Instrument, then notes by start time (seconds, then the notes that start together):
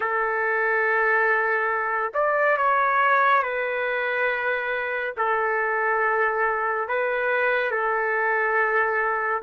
trumpet
0.00 A4
2.14 D5
2.57 C#5
3.42 B4
5.17 A4
6.88 B4
7.71 A4